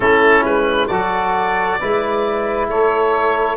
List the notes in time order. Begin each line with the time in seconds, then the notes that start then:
0.00 A3 C#4 E4 A4
0.44 G#3 B4
0.87 F#3 F#4 A4 D5
1.78 G#3 E4 B4
2.68 A3 A4 C#5